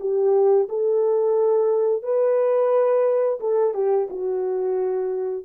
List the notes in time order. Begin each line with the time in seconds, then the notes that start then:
0.00 G4
0.69 A4
2.03 B4
3.40 A4
3.74 G4
4.10 F#4